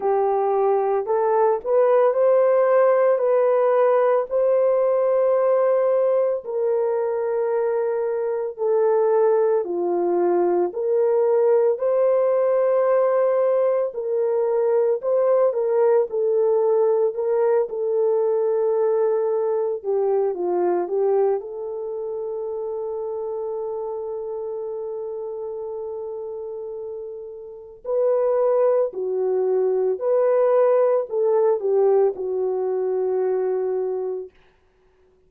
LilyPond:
\new Staff \with { instrumentName = "horn" } { \time 4/4 \tempo 4 = 56 g'4 a'8 b'8 c''4 b'4 | c''2 ais'2 | a'4 f'4 ais'4 c''4~ | c''4 ais'4 c''8 ais'8 a'4 |
ais'8 a'2 g'8 f'8 g'8 | a'1~ | a'2 b'4 fis'4 | b'4 a'8 g'8 fis'2 | }